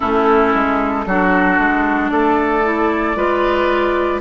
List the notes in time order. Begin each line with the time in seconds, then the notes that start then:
0.00 A3 C#4 E4 A4
0.54 G#3
1.06 F#3 D4 F#4
1.58 G#3
2.09 A3 A4 D5
2.63 E4
3.15 G#3 F4 B4